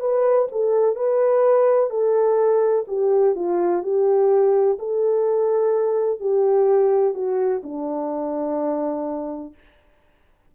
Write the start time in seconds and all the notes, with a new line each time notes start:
0.00 B4
0.52 A4
0.96 B4
1.90 A4
2.87 G4
3.35 F4
3.83 G4
4.79 A4
6.20 G4
7.14 F#4
7.64 D4